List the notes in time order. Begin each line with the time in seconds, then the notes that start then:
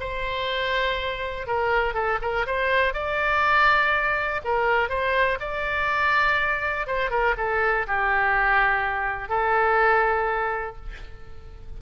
0.00 C5
1.47 A#4
1.94 A4
2.22 A#4
2.47 C5
2.94 D5
4.44 A#4
4.89 C5
5.40 D5
6.87 C5
7.10 A#4
7.37 A4
7.87 G4
9.29 A4